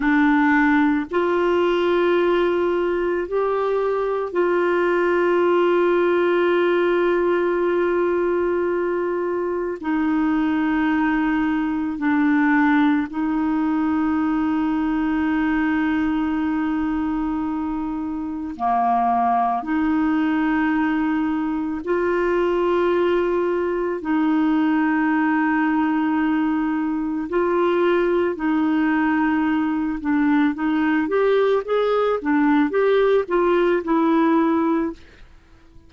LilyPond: \new Staff \with { instrumentName = "clarinet" } { \time 4/4 \tempo 4 = 55 d'4 f'2 g'4 | f'1~ | f'4 dis'2 d'4 | dis'1~ |
dis'4 ais4 dis'2 | f'2 dis'2~ | dis'4 f'4 dis'4. d'8 | dis'8 g'8 gis'8 d'8 g'8 f'8 e'4 | }